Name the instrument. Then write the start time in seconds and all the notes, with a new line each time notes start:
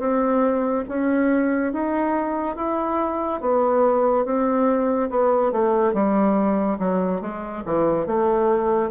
bassoon
0.00 C4
0.89 C#4
1.73 D#4
2.57 E4
3.41 B3
4.26 C4
5.10 B3
5.52 A3
5.94 G3
6.80 F#3
7.22 G#3
7.66 E3
8.07 A3